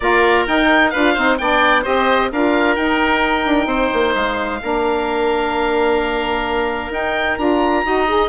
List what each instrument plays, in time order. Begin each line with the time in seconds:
0.00 bassoon A#3, saxophone F4, oboe A#4 D5
0.46 saxophone D#4, bassoon D#4, oboe G5
0.90 bassoon D4, saxophone F4, oboe B4 F5
1.13 bassoon C4, saxophone D#4, oboe C5
1.37 bassoon B3, saxophone D4, oboe D5 G5
1.82 bassoon C4, saxophone G4, oboe C5 D#5
2.31 bassoon D4, saxophone F4, oboe A#4 F5
2.75 saxophone D#4, bassoon D#4, oboe G5
3.45 bassoon D4
3.66 bassoon C4, oboe C5
3.93 bassoon A#3
4.15 bassoon G#3, oboe F5
4.60 bassoon A#3, saxophone D4, oboe A#4
6.89 bassoon D#4, saxophone D#4, oboe G5
7.38 bassoon D4, saxophone F4, oboe A#5
7.83 bassoon D#4, saxophone F#4, oboe D#5
8.07 saxophone G#4